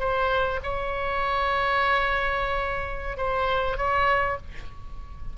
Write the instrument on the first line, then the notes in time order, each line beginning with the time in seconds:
oboe
0.00 C5
0.64 C#5
3.17 C5
3.77 C#5